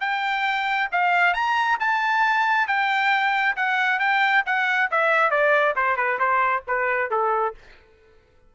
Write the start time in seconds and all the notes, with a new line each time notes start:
0.00 G5
0.92 F5
1.34 A#5
1.79 A5
2.67 G5
3.56 F#5
3.99 G5
4.46 F#5
4.91 E5
5.30 D5
5.76 C5
5.97 B4
6.19 C5
6.67 B4
7.10 A4